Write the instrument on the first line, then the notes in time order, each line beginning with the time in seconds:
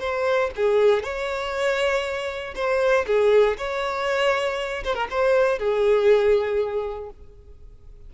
violin
0.00 C5
0.56 G#4
1.03 C#5
2.55 C5
3.07 G#4
3.58 C#5
4.84 C5
4.95 A#4
5.10 C5
5.59 G#4